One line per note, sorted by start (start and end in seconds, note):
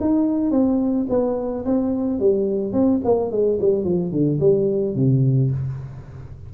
0.00 0.51 D#4
0.51 1.06 C4
1.09 1.65 B3
1.65 2.19 C4
2.19 2.72 G3
2.72 3.00 C4
3.04 3.31 A#3
3.31 3.59 G#3
3.61 3.84 G3
3.84 4.11 F3
4.11 4.39 D3
4.40 4.95 G3
4.95 5.51 C3